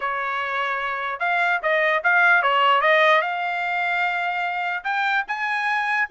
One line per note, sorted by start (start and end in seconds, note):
0.00 1.19 C#5
1.19 1.60 F5
1.62 2.03 D#5
2.03 2.42 F5
2.42 2.81 C#5
2.81 3.21 D#5
3.21 4.83 F5
4.84 5.24 G5
5.27 6.08 G#5